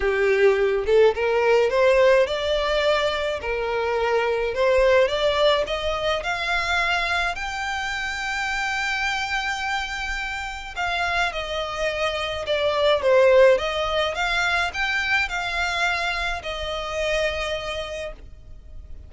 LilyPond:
\new Staff \with { instrumentName = "violin" } { \time 4/4 \tempo 4 = 106 g'4. a'8 ais'4 c''4 | d''2 ais'2 | c''4 d''4 dis''4 f''4~ | f''4 g''2.~ |
g''2. f''4 | dis''2 d''4 c''4 | dis''4 f''4 g''4 f''4~ | f''4 dis''2. | }